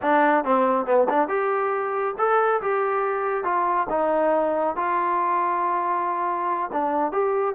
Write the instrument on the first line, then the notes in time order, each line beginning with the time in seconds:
trombone
0.02 D4
0.44 C4
0.86 B3
1.09 D4
1.28 G4
2.18 A4
2.61 G4
3.44 F4
3.89 D#4
4.76 F4
6.72 D4
7.12 G4